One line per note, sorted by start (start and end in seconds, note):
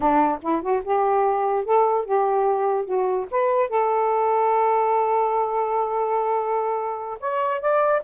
0.00 0.38 D4
0.42 0.62 E4
0.62 0.82 F#4
0.84 1.64 G4
1.64 2.05 A4
2.05 2.85 G4
2.85 3.26 F#4
3.30 3.69 B4
3.69 7.18 A4
7.20 7.60 C#5
7.60 8.02 D5